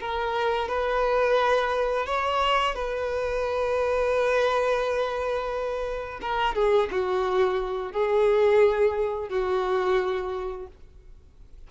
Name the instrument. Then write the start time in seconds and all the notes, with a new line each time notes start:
violin
0.00 A#4
0.68 B4
2.06 C#5
2.75 B4
6.21 A#4
6.55 G#4
6.91 F#4
7.92 G#4
9.29 F#4